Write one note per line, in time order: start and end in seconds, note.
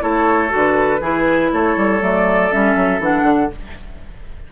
0.00 0.52 A3
0.00 0.49 E4
0.00 1.00 A4
0.00 0.51 C#5
0.49 1.00 D3
0.49 0.98 F#4
0.57 1.52 B4
1.00 1.49 E3
1.00 2.00 E4
1.00 1.50 G#4
1.52 1.76 A3
1.52 3.52 A4
1.52 2.02 C#5
1.76 2.01 G3
2.00 2.51 F#3
2.00 2.50 A3
2.00 2.51 D5
2.51 2.75 G3
2.51 3.00 C#4
2.51 3.01 E5
2.75 2.99 F#3
2.99 3.22 E3
2.99 3.50 D4
2.99 3.51 F#5
3.22 3.47 D3